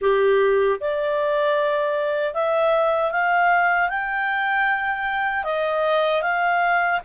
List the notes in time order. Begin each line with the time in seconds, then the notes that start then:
0.01 G4
0.80 D5
2.33 E5
3.11 F5
3.89 G5
5.44 D#5
6.22 F5